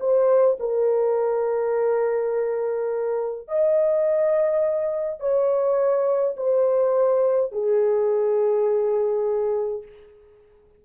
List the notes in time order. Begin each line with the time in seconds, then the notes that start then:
0.00 C5
0.60 A#4
3.48 D#5
5.20 C#5
6.37 C5
7.52 G#4